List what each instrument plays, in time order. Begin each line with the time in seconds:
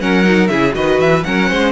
0.00 cello F#3, viola C#4, violin A#4 F#5
0.23 viola D#4
0.47 cello C#3, viola E4, violin G#4 E5
0.72 cello D#3, viola F#4, violin B4 D#5
0.99 cello E3, violin E5
1.23 cello F#3, viola C#4, violin A#4 F#5
1.49 cello G#3, violin C5